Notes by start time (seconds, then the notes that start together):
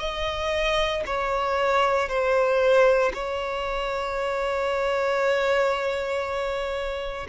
0.00 D#5
1.06 C#5
2.09 C5
3.14 C#5